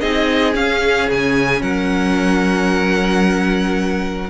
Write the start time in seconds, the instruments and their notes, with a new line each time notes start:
0.00 cello C4, viola D#4, violin G#4 D#5
0.54 viola C#4, cello C#4, violin F5
1.09 cello C#3, violin G#5
1.61 cello F#3, violin A#4 F#5